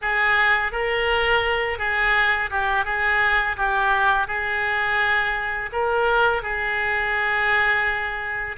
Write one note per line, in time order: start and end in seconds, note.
0.01 0.71 G#4
0.71 1.78 A#4
1.78 2.50 G#4
2.50 2.84 G4
2.84 3.56 G#4
3.56 4.27 G4
4.27 5.70 G#4
5.72 6.42 A#4
6.42 8.56 G#4